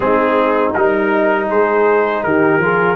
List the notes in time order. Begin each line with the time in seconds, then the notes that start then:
0.00 G#3 C4 D#4 G#4
0.73 G3 D#4 A#4
1.48 G#3 G#4 C5
2.23 D#3 G4 A#4
2.58 F3 F4 G#4